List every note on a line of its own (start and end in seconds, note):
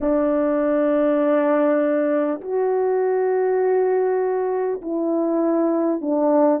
0.00 2.40 D4
2.41 4.81 F#4
4.81 6.01 E4
6.01 6.60 D4